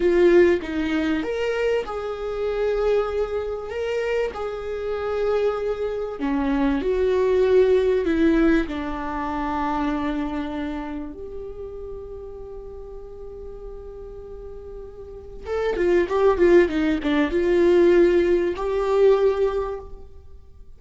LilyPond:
\new Staff \with { instrumentName = "viola" } { \time 4/4 \tempo 4 = 97 f'4 dis'4 ais'4 gis'4~ | gis'2 ais'4 gis'4~ | gis'2 cis'4 fis'4~ | fis'4 e'4 d'2~ |
d'2 g'2~ | g'1~ | g'4 a'8 f'8 g'8 f'8 dis'8 d'8 | f'2 g'2 | }